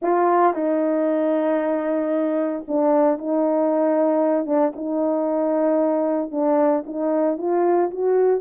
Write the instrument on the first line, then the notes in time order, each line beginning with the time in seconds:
horn
0.01 F4
0.53 D#4
2.67 D4
3.18 D#4
4.46 D4
4.75 D#4
6.31 D4
6.85 D#4
7.37 F4
7.90 F#4